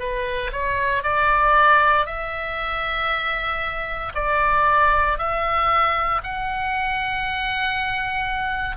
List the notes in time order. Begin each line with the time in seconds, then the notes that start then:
0.00 B4
0.53 C#5
1.03 D5
2.06 E5
4.15 D5
5.19 E5
6.24 F#5